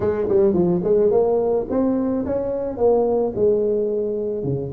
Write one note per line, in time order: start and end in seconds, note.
0.00 0.28 G#3
0.28 0.53 G3
0.53 0.81 F3
0.83 1.11 G#3
1.11 1.66 A#3
1.69 2.25 C4
2.25 2.77 C#4
2.77 3.33 A#3
3.35 4.43 G#3
4.43 4.71 C#3